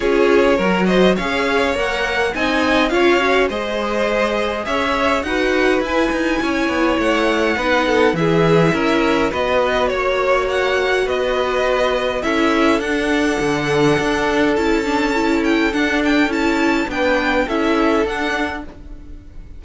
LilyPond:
<<
  \new Staff \with { instrumentName = "violin" } { \time 4/4 \tempo 4 = 103 cis''4. dis''8 f''4 fis''4 | gis''4 f''4 dis''2 | e''4 fis''4 gis''2 | fis''2 e''2 |
dis''4 cis''4 fis''4 dis''4~ | dis''4 e''4 fis''2~ | fis''4 a''4. g''8 fis''8 g''8 | a''4 g''4 e''4 fis''4 | }
  \new Staff \with { instrumentName = "violin" } { \time 4/4 gis'4 ais'8 c''8 cis''2 | dis''4 cis''4 c''2 | cis''4 b'2 cis''4~ | cis''4 b'8 a'8 gis'4 ais'4 |
b'4 cis''2 b'4~ | b'4 a'2.~ | a'1~ | a'4 b'4 a'2 | }
  \new Staff \with { instrumentName = "viola" } { \time 4/4 f'4 fis'4 gis'4 ais'4 | dis'4 f'8 fis'8 gis'2~ | gis'4 fis'4 e'2~ | e'4 dis'4 e'2 |
fis'1~ | fis'4 e'4 d'2~ | d'4 e'8 d'8 e'4 d'4 | e'4 d'4 e'4 d'4 | }
  \new Staff \with { instrumentName = "cello" } { \time 4/4 cis'4 fis4 cis'4 ais4 | c'4 cis'4 gis2 | cis'4 dis'4 e'8 dis'8 cis'8 b8 | a4 b4 e4 cis'4 |
b4 ais2 b4~ | b4 cis'4 d'4 d4 | d'4 cis'2 d'4 | cis'4 b4 cis'4 d'4 | }
>>